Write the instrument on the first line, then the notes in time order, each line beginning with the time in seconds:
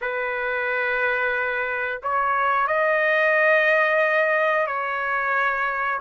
trumpet
0.01 B4
2.02 C#5
2.67 D#5
4.66 C#5